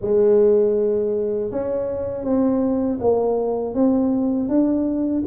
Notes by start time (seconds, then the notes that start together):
0.01 G#3
1.51 C#4
2.23 C4
3.00 A#3
3.74 C4
4.48 D4